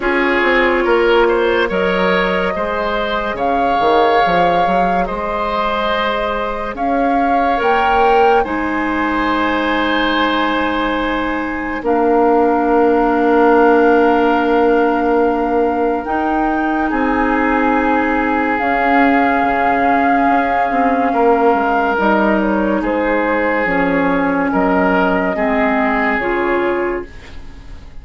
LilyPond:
<<
  \new Staff \with { instrumentName = "flute" } { \time 4/4 \tempo 4 = 71 cis''2 dis''2 | f''2 dis''2 | f''4 g''4 gis''2~ | gis''2 f''2~ |
f''2. g''4 | gis''2 f''2~ | f''2 dis''8 cis''8 c''4 | cis''4 dis''2 cis''4 | }
  \new Staff \with { instrumentName = "oboe" } { \time 4/4 gis'4 ais'8 c''8 cis''4 c''4 | cis''2 c''2 | cis''2 c''2~ | c''2 ais'2~ |
ais'1 | gis'1~ | gis'4 ais'2 gis'4~ | gis'4 ais'4 gis'2 | }
  \new Staff \with { instrumentName = "clarinet" } { \time 4/4 f'2 ais'4 gis'4~ | gis'1~ | gis'4 ais'4 dis'2~ | dis'2 d'2~ |
d'2. dis'4~ | dis'2 cis'2~ | cis'2 dis'2 | cis'2 c'4 f'4 | }
  \new Staff \with { instrumentName = "bassoon" } { \time 4/4 cis'8 c'8 ais4 fis4 gis4 | cis8 dis8 f8 fis8 gis2 | cis'4 ais4 gis2~ | gis2 ais2~ |
ais2. dis'4 | c'2 cis'4 cis4 | cis'8 c'8 ais8 gis8 g4 gis4 | f4 fis4 gis4 cis4 | }
>>